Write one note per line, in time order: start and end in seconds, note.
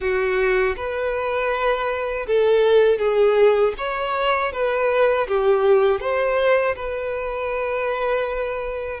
0.00 0.75 F#4
0.76 2.26 B4
2.27 2.98 A4
2.98 3.73 G#4
3.77 4.52 C#5
4.52 5.27 B4
5.27 6.00 G4
6.00 6.75 C5
6.75 9.00 B4